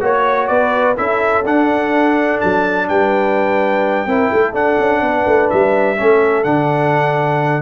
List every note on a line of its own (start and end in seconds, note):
0.00 0.49 A#3
0.00 0.95 F#4
0.00 0.49 C#5
0.00 0.47 C#5
0.47 0.97 B3
0.47 0.96 B4
0.47 0.94 D5
0.96 1.44 C#4
0.96 1.43 E4
0.96 2.87 A4
0.96 1.45 E5
1.44 2.39 D4
1.44 4.07 D4
1.44 2.40 F#5
2.40 2.89 F#3
2.40 2.88 A5
2.88 4.06 G3
2.88 4.07 B4
2.88 4.54 G5
4.06 4.30 C4
4.06 4.53 E4
4.06 4.29 A#4
4.29 4.53 A3
4.29 5.00 A4
4.53 5.95 D4
4.53 4.77 D4
4.53 5.49 F#5
4.78 5.01 C#4
5.01 5.25 B3
5.01 5.97 B4
5.25 5.49 A3
5.49 5.99 G3
5.49 6.43 E5
5.96 6.44 A3
5.96 6.44 C#4
5.96 7.62 A4
6.43 7.62 D3
6.43 7.62 D4
6.43 7.62 F#5